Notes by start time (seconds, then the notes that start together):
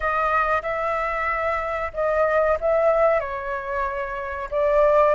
0.00 D#5
0.62 E5
1.93 D#5
2.60 E5
3.20 C#5
4.50 D5